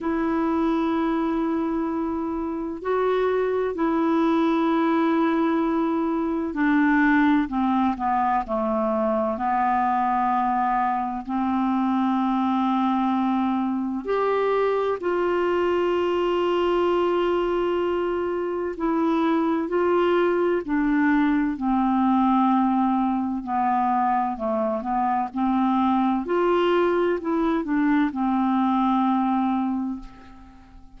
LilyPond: \new Staff \with { instrumentName = "clarinet" } { \time 4/4 \tempo 4 = 64 e'2. fis'4 | e'2. d'4 | c'8 b8 a4 b2 | c'2. g'4 |
f'1 | e'4 f'4 d'4 c'4~ | c'4 b4 a8 b8 c'4 | f'4 e'8 d'8 c'2 | }